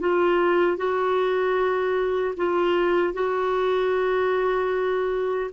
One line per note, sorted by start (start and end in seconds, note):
0.00 0.77 F4
0.77 2.35 F#4
2.37 3.14 F4
3.14 5.51 F#4